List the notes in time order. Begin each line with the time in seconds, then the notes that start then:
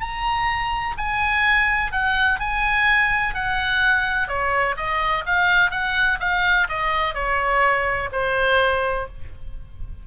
0.00 A#5
0.98 G#5
1.92 F#5
2.40 G#5
3.34 F#5
4.28 C#5
4.77 D#5
5.26 F5
5.71 F#5
6.20 F5
6.68 D#5
7.14 C#5
8.12 C5